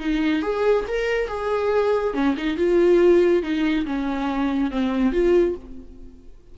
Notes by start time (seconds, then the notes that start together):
0.00 D#4
0.43 G#4
0.88 A#4
1.28 G#4
2.14 C#4
2.37 D#4
2.58 F4
3.43 D#4
3.86 C#4
4.71 C4
5.13 F4